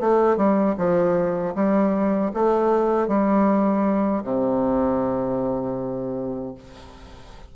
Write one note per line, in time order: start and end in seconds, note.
0.00 0.37 A3
0.37 0.76 G3
0.78 1.55 F3
1.55 2.32 G3
2.34 3.08 A3
3.08 4.23 G3
4.24 6.55 C3